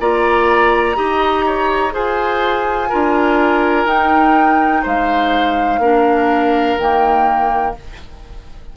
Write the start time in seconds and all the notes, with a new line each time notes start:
0.00 A#3 F4 D5 A#5
0.95 D#4 G4 D#5
1.46 C#5
1.91 F4 G#4 C5 G#5
2.89 D4 F4 A#4
3.85 D#4 G5
4.83 G#3 C5 F5
5.79 A#3 D4 A#4
6.78 D#3 A#3 G5